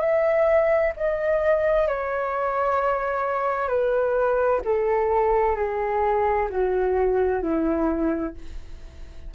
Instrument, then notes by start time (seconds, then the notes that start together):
flute
0.00 E5
0.96 D#5
1.87 C#5
3.68 B4
4.64 A4
5.56 G#4
6.50 F#4
7.42 E4